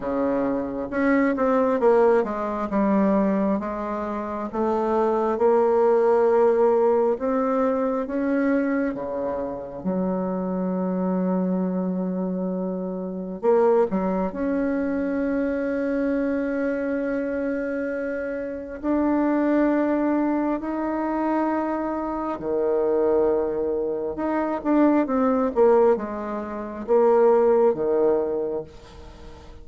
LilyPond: \new Staff \with { instrumentName = "bassoon" } { \time 4/4 \tempo 4 = 67 cis4 cis'8 c'8 ais8 gis8 g4 | gis4 a4 ais2 | c'4 cis'4 cis4 fis4~ | fis2. ais8 fis8 |
cis'1~ | cis'4 d'2 dis'4~ | dis'4 dis2 dis'8 d'8 | c'8 ais8 gis4 ais4 dis4 | }